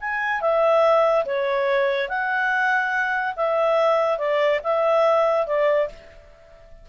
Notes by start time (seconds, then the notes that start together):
0.00 G#5
0.41 E5
1.25 C#5
2.09 F#5
3.36 E5
4.18 D5
4.63 E5
5.47 D5